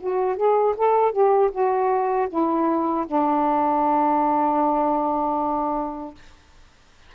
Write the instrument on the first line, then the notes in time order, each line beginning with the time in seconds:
saxophone
0.00 F#4
0.36 G#4
0.77 A4
1.12 G4
1.51 F#4
2.29 E4
3.07 D4